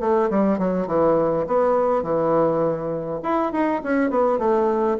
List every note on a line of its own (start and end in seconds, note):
0.00 0.29 A3
0.30 0.59 G3
0.59 0.87 F#3
0.87 1.46 E3
1.47 2.03 B3
2.03 3.20 E3
3.23 3.52 E4
3.52 3.81 D#4
3.83 4.10 C#4
4.10 4.39 B3
4.39 4.97 A3